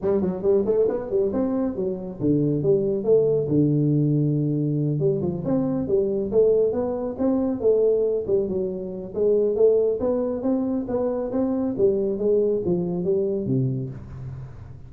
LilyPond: \new Staff \with { instrumentName = "tuba" } { \time 4/4 \tempo 4 = 138 g8 fis8 g8 a8 b8 g8 c'4 | fis4 d4 g4 a4 | d2.~ d8 g8 | f8 c'4 g4 a4 b8~ |
b8 c'4 a4. g8 fis8~ | fis4 gis4 a4 b4 | c'4 b4 c'4 g4 | gis4 f4 g4 c4 | }